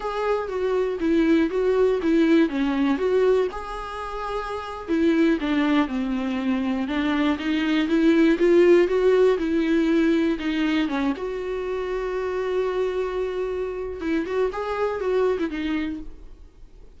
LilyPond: \new Staff \with { instrumentName = "viola" } { \time 4/4 \tempo 4 = 120 gis'4 fis'4 e'4 fis'4 | e'4 cis'4 fis'4 gis'4~ | gis'4.~ gis'16 e'4 d'4 c'16~ | c'4.~ c'16 d'4 dis'4 e'16~ |
e'8. f'4 fis'4 e'4~ e'16~ | e'8. dis'4 cis'8 fis'4.~ fis'16~ | fis'1 | e'8 fis'8 gis'4 fis'8. e'16 dis'4 | }